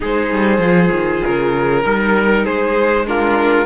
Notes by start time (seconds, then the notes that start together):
0.00 G#3 D#4 G#4 C5
0.32 G3
0.58 F3 F4
0.91 D#3
1.24 C#3 A#4
1.83 G3 D#4 A#4
2.45 G#3 G#4 C5
3.06 D4 F4 A#4